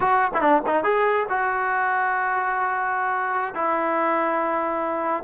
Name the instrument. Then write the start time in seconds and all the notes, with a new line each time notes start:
trombone
0.00 F#4
0.34 E4
0.41 D4
0.66 D#4
0.83 G#4
1.29 F#4
3.55 E4